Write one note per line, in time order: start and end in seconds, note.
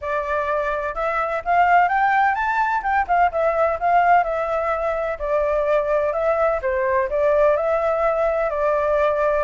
0.01 0.94 D5
0.94 1.42 E5
1.45 1.88 F5
1.88 2.34 G5
2.34 2.82 A5
2.82 3.06 G5
3.07 3.31 F5
3.31 3.79 E5
3.79 4.23 F5
4.23 5.18 E5
5.18 6.12 D5
6.12 6.60 E5
6.61 7.09 C5
7.09 7.56 D5
7.56 8.50 E5
8.50 9.43 D5